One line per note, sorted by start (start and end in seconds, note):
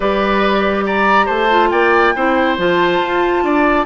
0.00 1.28 G3
0.00 1.50 G4
0.00 0.84 B4
0.00 0.85 D5
0.86 1.26 D5
0.86 1.27 A#5
1.26 1.71 A3
1.26 1.68 C5
1.26 1.70 A5
1.50 2.14 F4
1.70 2.14 A#3
1.70 2.14 D5
1.70 2.56 G5
2.15 2.57 C4
2.15 2.58 E4
2.15 3.43 C5
2.57 3.00 F3
2.57 3.85 F4
2.57 3.85 A5
3.01 3.43 F4
3.43 3.85 D4
3.43 3.85 D5